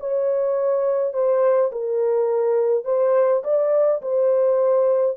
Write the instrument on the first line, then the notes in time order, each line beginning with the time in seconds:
horn
0.00 C#5
1.13 C5
1.72 A#4
2.85 C5
3.44 D5
4.02 C5